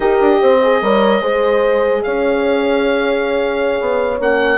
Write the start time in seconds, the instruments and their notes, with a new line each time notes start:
0.00 bassoon D#4, horn G4 A#4, oboe D#5
0.20 bassoon D4
0.41 bassoon C4, horn C5
0.62 horn G#4
0.81 bassoon G3, horn A#4 C#5
1.21 bassoon G#3, horn G#4 C5
2.03 bassoon C#4, horn C#5, oboe F5
3.80 bassoon B3
4.19 bassoon A#3, horn C#4, oboe F#5